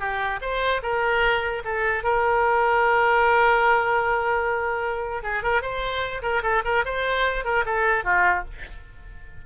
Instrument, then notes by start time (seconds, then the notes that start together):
oboe
0.00 G4
0.41 C5
0.83 A#4
1.65 A4
2.03 A#4
5.23 G#4
5.43 A#4
5.62 C5
6.22 A#4
6.43 A4
6.65 A#4
6.85 C5
7.45 A#4
7.65 A4
8.04 F4